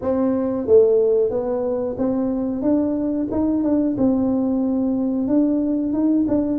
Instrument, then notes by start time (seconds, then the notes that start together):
tuba
0.01 C4
0.66 A3
1.30 B3
1.98 C4
2.61 D4
3.31 D#4
3.63 D4
3.97 C4
5.27 D4
5.93 D#4
6.28 D4